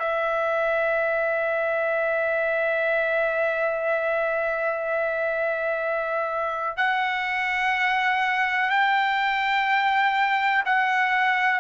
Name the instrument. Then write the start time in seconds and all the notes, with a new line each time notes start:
trumpet
0.00 E5
6.77 F#5
8.71 G5
10.66 F#5